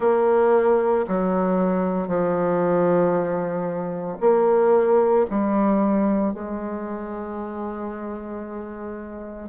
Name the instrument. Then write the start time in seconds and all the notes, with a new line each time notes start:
bassoon
0.00 A#3
1.08 F#3
2.07 F3
4.20 A#3
5.30 G3
6.33 G#3